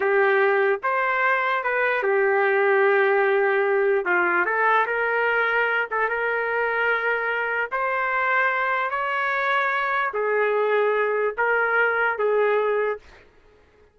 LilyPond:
\new Staff \with { instrumentName = "trumpet" } { \time 4/4 \tempo 4 = 148 g'2 c''2 | b'4 g'2.~ | g'2 f'4 a'4 | ais'2~ ais'8 a'8 ais'4~ |
ais'2. c''4~ | c''2 cis''2~ | cis''4 gis'2. | ais'2 gis'2 | }